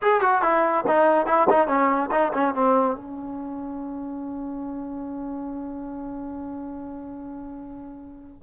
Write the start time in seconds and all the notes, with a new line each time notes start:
0.02 G#4
0.21 F#4
0.42 E4
0.87 D#4
1.26 E4
1.49 D#4
1.67 C#4
2.11 D#4
2.33 C#4
2.54 C4
2.95 C#4